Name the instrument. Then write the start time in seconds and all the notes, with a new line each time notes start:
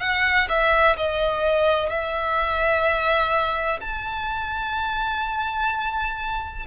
violin
0.00 F#5
0.48 E5
0.97 D#5
1.89 E5
3.81 A5